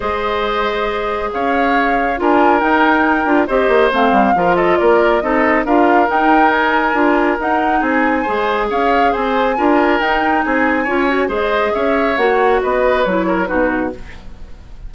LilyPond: <<
  \new Staff \with { instrumentName = "flute" } { \time 4/4 \tempo 4 = 138 dis''2. f''4~ | f''4 gis''4 g''2 | dis''4 f''4. dis''8 d''4 | dis''4 f''4 g''4 gis''4~ |
gis''4 fis''4 gis''2 | f''4 gis''2 g''4 | gis''2 dis''4 e''4 | fis''4 dis''4 cis''4 b'4 | }
  \new Staff \with { instrumentName = "oboe" } { \time 4/4 c''2. cis''4~ | cis''4 ais'2. | c''2 ais'8 a'8 ais'4 | a'4 ais'2.~ |
ais'2 gis'4 c''4 | cis''4 c''4 ais'2 | gis'4 cis''4 c''4 cis''4~ | cis''4 b'4. ais'8 fis'4 | }
  \new Staff \with { instrumentName = "clarinet" } { \time 4/4 gis'1~ | gis'4 f'4 dis'4. f'8 | g'4 c'4 f'2 | dis'4 f'4 dis'2 |
f'4 dis'2 gis'4~ | gis'2 f'4 dis'4~ | dis'4 f'8 fis'8 gis'2 | fis'2 e'4 dis'4 | }
  \new Staff \with { instrumentName = "bassoon" } { \time 4/4 gis2. cis'4~ | cis'4 d'4 dis'4. d'8 | c'8 ais8 a8 g8 f4 ais4 | c'4 d'4 dis'2 |
d'4 dis'4 c'4 gis4 | cis'4 c'4 d'4 dis'4 | c'4 cis'4 gis4 cis'4 | ais4 b4 fis4 b,4 | }
>>